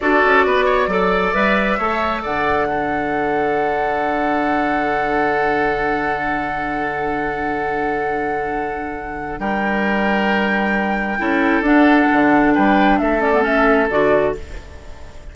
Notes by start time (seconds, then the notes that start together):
0.00 D4 F#4 A4 D5
0.24 C#4
0.45 B3 B4
0.65 C#5
0.87 F#3 A4 D5
1.33 G3 B4 E5
1.78 A3 A4 C#5
2.22 D3 D5 F#5
2.68 D4 A4
9.39 G3 A#4 G5
11.18 C#4 E4 A4
11.61 D4 F#5
12.12 D3
12.54 G3 B4 G5
12.98 A3 A4 E5
13.20 C#4 D5
13.33 B3
13.42 C#4 E5
13.90 D3 F#4 D5